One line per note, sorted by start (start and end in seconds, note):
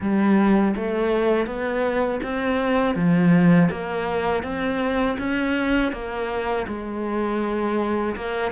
0.00 0.74 G3
0.76 1.46 A3
1.46 2.20 B3
2.23 2.95 C4
2.95 3.69 F3
3.70 4.43 A#3
4.43 5.17 C4
5.18 5.92 C#4
5.92 6.66 A#3
6.67 8.15 G#3
8.15 8.52 A#3